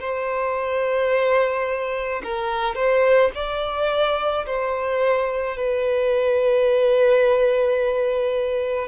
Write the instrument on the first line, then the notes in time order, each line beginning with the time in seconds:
violin
0.00 C5
2.23 A#4
2.75 C5
3.34 D5
4.46 C5
5.57 B4